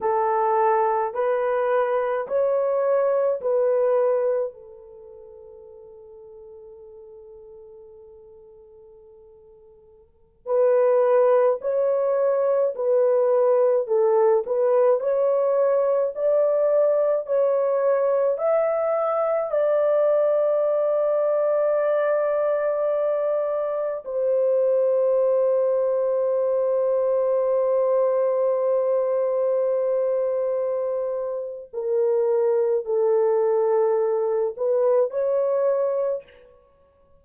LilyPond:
\new Staff \with { instrumentName = "horn" } { \time 4/4 \tempo 4 = 53 a'4 b'4 cis''4 b'4 | a'1~ | a'4~ a'16 b'4 cis''4 b'8.~ | b'16 a'8 b'8 cis''4 d''4 cis''8.~ |
cis''16 e''4 d''2~ d''8.~ | d''4~ d''16 c''2~ c''8.~ | c''1 | ais'4 a'4. b'8 cis''4 | }